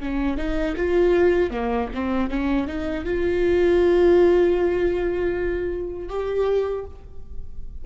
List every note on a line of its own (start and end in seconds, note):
0.00 0.37 C#4
0.37 0.75 D#4
0.77 1.51 F4
1.51 1.88 A#3
1.94 2.30 C4
2.30 2.67 C#4
2.67 3.05 D#4
3.05 6.09 F4
6.09 6.85 G4